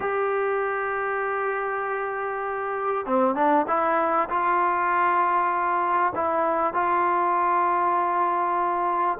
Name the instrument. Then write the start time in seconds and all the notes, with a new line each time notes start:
trombone
0.00 G4
3.06 C4
3.35 D4
3.67 E4
4.29 F4
6.15 E4
6.73 F4